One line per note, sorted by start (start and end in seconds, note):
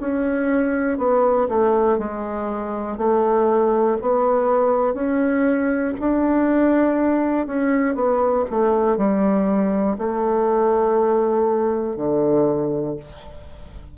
0.00 0.98 C#4
0.98 1.48 B3
1.48 1.98 A3
1.98 2.97 G#3
2.97 3.97 A3
4.01 4.94 B3
4.94 5.94 C#4
6.00 7.47 D4
7.47 7.95 C#4
7.95 8.45 B3
8.50 8.97 A3
8.97 9.97 G3
9.97 11.96 A3
11.96 12.96 D3